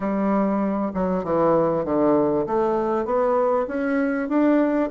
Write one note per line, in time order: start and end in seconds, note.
0.00 0.92 G3
0.94 1.24 F#3
1.24 1.84 E3
1.84 2.45 D3
2.46 3.05 A3
3.05 3.66 B3
3.67 4.28 C#4
4.29 4.90 D4